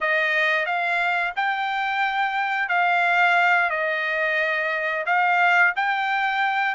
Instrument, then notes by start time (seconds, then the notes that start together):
trumpet
0.01 D#5
0.65 F5
1.36 G5
2.68 F5
3.70 D#5
5.06 F5
5.75 G5